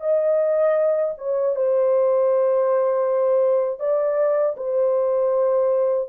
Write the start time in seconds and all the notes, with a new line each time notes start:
0.00 D#5
1.17 C#5
1.55 C5
3.79 D5
4.56 C5